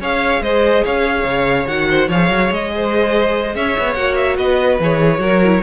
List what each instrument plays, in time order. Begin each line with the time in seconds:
0.00 cello C#4, viola G#4, violin C#5 F5
0.40 cello G#3, violin C5 D#5
0.84 cello C#4, violin C#5 F5
1.24 cello C#3
1.67 cello D#3, viola F#4, violin F#5
1.89 violin C5
2.08 cello F3, viola G#4, violin C#5 F5
2.29 cello F#3
2.51 cello G#3, violin D#5
2.75 violin C5
3.55 cello C#4, violin C#5 E5
3.78 cello B3
3.94 cello A#3, viola F#4, violin F#5
4.16 violin E5
4.37 cello B3, violin B4 D#5
4.79 cello E3, viola G#4, violin C#5
5.18 cello F#3, viola F#4, violin A#4
5.44 viola E4